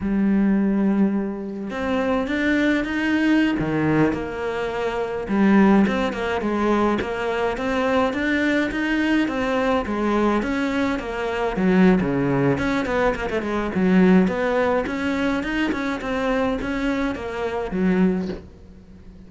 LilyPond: \new Staff \with { instrumentName = "cello" } { \time 4/4 \tempo 4 = 105 g2. c'4 | d'4 dis'4~ dis'16 dis4 ais8.~ | ais4~ ais16 g4 c'8 ais8 gis8.~ | gis16 ais4 c'4 d'4 dis'8.~ |
dis'16 c'4 gis4 cis'4 ais8.~ | ais16 fis8. cis4 cis'8 b8 ais16 a16 gis8 | fis4 b4 cis'4 dis'8 cis'8 | c'4 cis'4 ais4 fis4 | }